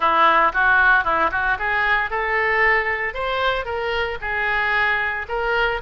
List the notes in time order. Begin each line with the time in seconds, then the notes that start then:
0.00 E4
0.53 F#4
1.04 E4
1.31 F#4
1.58 G#4
2.10 A4
3.14 C5
3.65 A#4
4.21 G#4
5.28 A#4